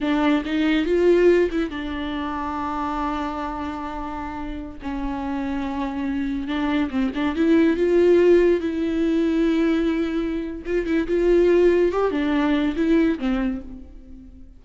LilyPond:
\new Staff \with { instrumentName = "viola" } { \time 4/4 \tempo 4 = 141 d'4 dis'4 f'4. e'8 | d'1~ | d'2.~ d'16 cis'8.~ | cis'2.~ cis'16 d'8.~ |
d'16 c'8 d'8 e'4 f'4.~ f'16~ | f'16 e'2.~ e'8.~ | e'4 f'8 e'8 f'2 | g'8 d'4. e'4 c'4 | }